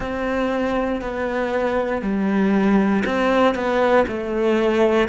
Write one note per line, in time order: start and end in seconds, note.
0.00 1.01 C4
1.01 2.02 B3
2.02 3.03 G3
3.05 3.55 C4
3.55 4.05 B3
4.07 5.08 A3